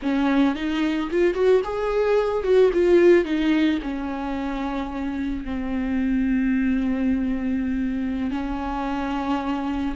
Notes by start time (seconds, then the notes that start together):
0.02 C#4
0.55 D#4
1.11 F4
1.34 F#4
1.63 G#4
2.43 F#4
2.73 F4
3.24 D#4
3.82 C#4
5.44 C4
8.31 C#4